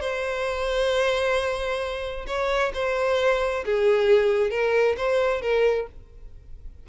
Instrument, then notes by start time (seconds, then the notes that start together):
violin
0.00 C5
2.27 C#5
2.74 C5
3.65 G#4
4.50 A#4
4.97 C5
5.41 A#4